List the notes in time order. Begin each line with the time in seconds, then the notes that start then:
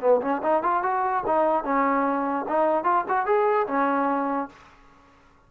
0.00 B3
0.21 C#4
0.42 D#4
0.63 F4
0.82 F#4
1.26 D#4
1.63 C#4
2.48 D#4
2.83 F4
3.08 F#4
3.25 G#4
3.67 C#4